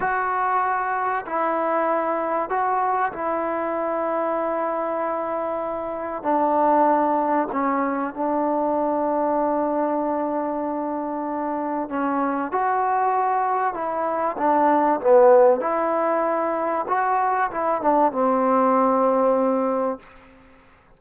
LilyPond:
\new Staff \with { instrumentName = "trombone" } { \time 4/4 \tempo 4 = 96 fis'2 e'2 | fis'4 e'2.~ | e'2 d'2 | cis'4 d'2.~ |
d'2. cis'4 | fis'2 e'4 d'4 | b4 e'2 fis'4 | e'8 d'8 c'2. | }